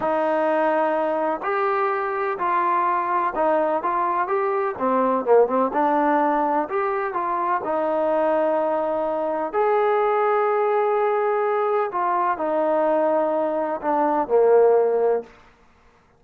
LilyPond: \new Staff \with { instrumentName = "trombone" } { \time 4/4 \tempo 4 = 126 dis'2. g'4~ | g'4 f'2 dis'4 | f'4 g'4 c'4 ais8 c'8 | d'2 g'4 f'4 |
dis'1 | gis'1~ | gis'4 f'4 dis'2~ | dis'4 d'4 ais2 | }